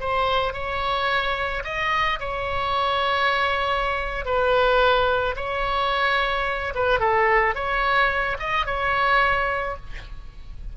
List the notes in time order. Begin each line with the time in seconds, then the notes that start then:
0.00 C5
0.53 C#5
1.64 D#5
2.20 C#5
4.25 B4
5.36 C#5
6.75 B4
7.00 A4
7.55 C#5
8.39 D#5
8.66 C#5